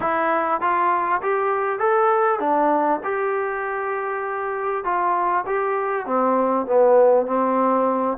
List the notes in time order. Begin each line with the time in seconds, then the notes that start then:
0.00 E4
0.60 F4
1.22 G4
1.79 A4
2.39 D4
3.03 G4
4.84 F4
5.46 G4
6.06 C4
6.66 B3
7.26 C4